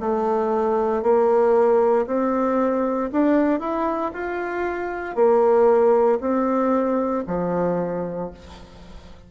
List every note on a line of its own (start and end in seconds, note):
0.00 1.03 A3
1.03 2.06 A#3
2.06 3.10 C4
3.12 3.59 D4
3.59 4.11 E4
4.13 5.15 F4
5.15 6.18 A#3
6.20 7.24 C4
7.27 8.30 F3